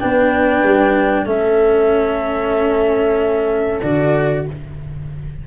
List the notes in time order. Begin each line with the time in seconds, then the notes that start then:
0.00 B3 D4 B4 G5
0.63 G3
1.26 A3 C#4 A4 E5
3.82 D3 F#4 D5